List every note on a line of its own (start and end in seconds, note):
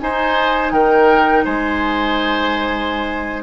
0.00 3.42 D#4
0.00 0.72 D#4
0.00 0.73 C5
0.00 0.72 G#5
0.72 1.44 D#3
0.72 1.44 A#4
0.72 1.44 G5
1.44 3.42 G#3
1.44 3.42 C5
1.44 3.42 G#5